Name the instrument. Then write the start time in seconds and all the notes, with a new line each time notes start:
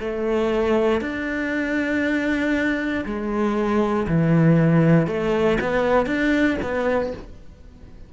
cello
0.00 A3
1.01 D4
3.06 G#3
4.08 E3
5.08 A3
5.61 B3
6.06 D4
6.62 B3